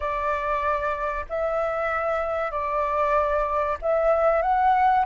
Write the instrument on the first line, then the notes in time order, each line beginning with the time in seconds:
flute
0.00 D5
1.29 E5
2.51 D5
3.81 E5
4.42 F#5